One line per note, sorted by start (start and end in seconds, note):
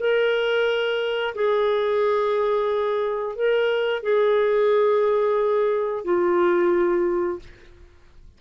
0.00 1.35 A#4
1.35 3.36 G#4
3.36 4.03 A#4
4.03 6.05 G#4
6.05 7.40 F4